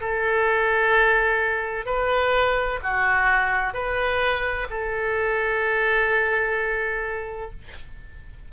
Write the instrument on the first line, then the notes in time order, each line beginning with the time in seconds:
oboe
0.00 A4
1.85 B4
2.82 F#4
3.73 B4
4.70 A4